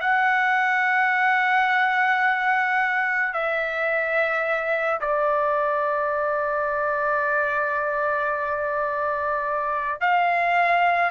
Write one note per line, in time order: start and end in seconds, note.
0.00 3.33 F#5
3.33 5.00 E5
5.01 10.01 D5
10.01 11.11 F5